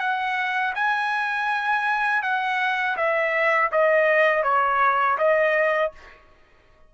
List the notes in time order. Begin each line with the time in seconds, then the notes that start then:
0.00 F#5
0.75 G#5
2.23 F#5
2.97 E5
3.72 D#5
4.44 C#5
5.19 D#5